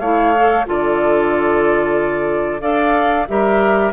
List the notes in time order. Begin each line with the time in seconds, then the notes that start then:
0.00 A3 E4 C#5 F5
0.37 A4
0.66 D3 F4 A4 D5
2.61 D4 A4 D5 F5
3.28 G3 G4 A#4 E5